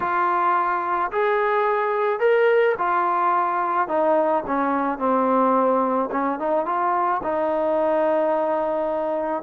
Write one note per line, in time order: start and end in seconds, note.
0.00 1.11 F4
1.11 2.19 G#4
2.19 2.75 A#4
2.78 3.88 F4
3.88 4.43 D#4
4.46 4.98 C#4
4.98 6.09 C4
6.11 6.39 C#4
6.39 6.65 D#4
6.65 7.21 F4
7.23 9.43 D#4